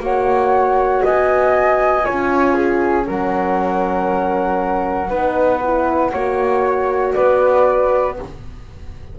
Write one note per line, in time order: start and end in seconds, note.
0.00 1.02 A#3
0.00 2.04 F#4
0.00 1.04 C#5
0.00 1.04 F#5
1.04 2.07 B3
1.04 2.05 D#5
1.04 3.06 G#5
2.04 3.08 C#4
2.04 3.06 F4
2.04 2.54 C#5
2.54 3.05 G#4
3.06 5.10 F#3
3.06 5.09 C#4
3.06 5.09 A#4
3.06 7.12 F#5
5.09 6.12 B3
5.09 5.61 D#4
5.09 6.11 B4
5.63 6.13 E4
6.12 7.15 A#3
6.12 8.17 F#4
6.12 7.14 C#5
7.12 8.19 B3
7.12 8.17 B4
7.12 8.14 D5